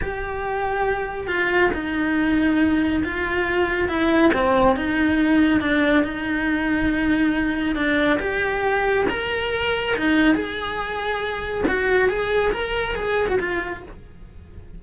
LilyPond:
\new Staff \with { instrumentName = "cello" } { \time 4/4 \tempo 4 = 139 g'2. f'4 | dis'2. f'4~ | f'4 e'4 c'4 dis'4~ | dis'4 d'4 dis'2~ |
dis'2 d'4 g'4~ | g'4 ais'2 dis'4 | gis'2. fis'4 | gis'4 ais'4 gis'8. fis'16 f'4 | }